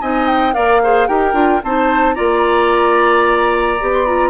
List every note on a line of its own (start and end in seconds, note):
0.00 0.55 C4
0.00 0.53 D#4
0.00 0.54 D#5
0.00 0.27 G#5
0.27 0.53 G5
0.53 1.08 A#3
0.53 0.80 A#4
0.53 0.81 D5
0.53 1.07 F5
0.83 1.08 G#4
0.83 1.07 C5
1.07 1.33 D#4
1.07 1.33 G4
1.07 1.61 A#4
1.07 1.61 G5
1.33 1.60 D4
1.33 1.60 F4
1.63 2.17 C4
1.63 2.15 D#4
1.63 2.15 C5
1.63 2.14 A5
2.14 3.81 A#3
2.14 3.77 F4
2.14 4.30 D5
2.14 3.90 A#5
3.80 4.30 B3
3.80 4.06 G4
3.93 4.05 C6
4.05 4.30 F4
4.05 4.30 A#5